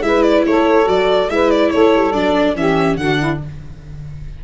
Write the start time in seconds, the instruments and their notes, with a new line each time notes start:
0.00 tuba G#3, viola E4, saxophone B4, violin E5
0.22 violin D5
0.46 tuba A3, saxophone A4, violin C#5
0.84 tuba F#3, viola F#4, violin D5
1.29 tuba G#3, viola E4, saxophone B4, violin E5
1.50 violin D5
1.70 tuba A3, saxophone A4, violin C#5
1.95 tuba G3
2.12 tuba F#3, viola D4, violin D5
2.55 tuba E3, viola C#4, saxophone G4, violin E5
2.96 tuba D3, viola D4, saxophone F#4, violin F#5
3.18 saxophone E4